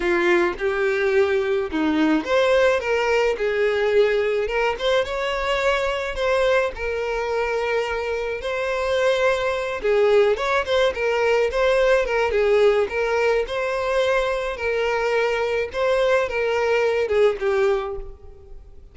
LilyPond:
\new Staff \with { instrumentName = "violin" } { \time 4/4 \tempo 4 = 107 f'4 g'2 dis'4 | c''4 ais'4 gis'2 | ais'8 c''8 cis''2 c''4 | ais'2. c''4~ |
c''4. gis'4 cis''8 c''8 ais'8~ | ais'8 c''4 ais'8 gis'4 ais'4 | c''2 ais'2 | c''4 ais'4. gis'8 g'4 | }